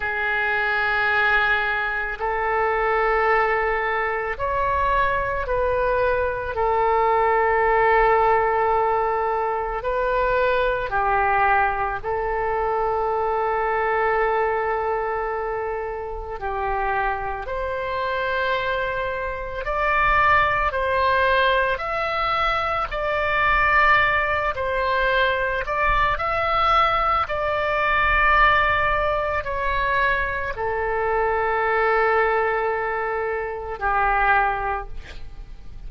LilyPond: \new Staff \with { instrumentName = "oboe" } { \time 4/4 \tempo 4 = 55 gis'2 a'2 | cis''4 b'4 a'2~ | a'4 b'4 g'4 a'4~ | a'2. g'4 |
c''2 d''4 c''4 | e''4 d''4. c''4 d''8 | e''4 d''2 cis''4 | a'2. g'4 | }